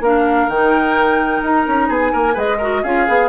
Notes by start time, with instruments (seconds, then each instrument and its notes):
0.00 bassoon A#3, clarinet D4, oboe A#4, flute F5
0.48 bassoon D#3, clarinet D#4, flute G5
1.42 bassoon D#4, flute A#5
1.67 bassoon C#4
1.88 bassoon B3, oboe G#4, flute G#5
2.12 bassoon A#3, oboe A#4
2.33 bassoon G#3, clarinet G#4, oboe B4, flute D#5
2.58 clarinet F#4, oboe A#4
2.83 bassoon C#4, clarinet F4, oboe G#4, flute F5
3.07 bassoon B3, clarinet G#4